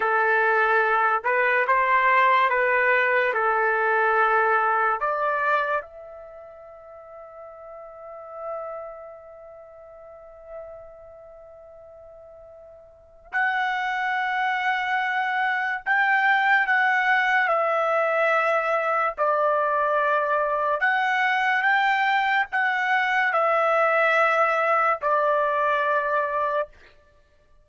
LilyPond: \new Staff \with { instrumentName = "trumpet" } { \time 4/4 \tempo 4 = 72 a'4. b'8 c''4 b'4 | a'2 d''4 e''4~ | e''1~ | e''1 |
fis''2. g''4 | fis''4 e''2 d''4~ | d''4 fis''4 g''4 fis''4 | e''2 d''2 | }